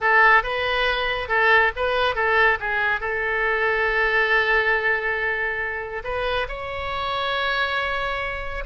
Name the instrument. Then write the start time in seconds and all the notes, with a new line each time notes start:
oboe
0.00 A4
0.43 B4
1.28 A4
1.76 B4
2.15 A4
2.60 G#4
3.00 A4
6.04 B4
6.48 C#5